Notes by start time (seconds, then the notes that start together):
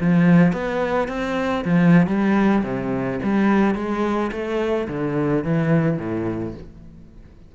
0.00 F3
0.52 B3
1.08 C4
1.65 F3
2.07 G3
2.63 C3
3.23 G3
3.75 G#3
4.32 A3
4.88 D3
5.44 E3
5.98 A2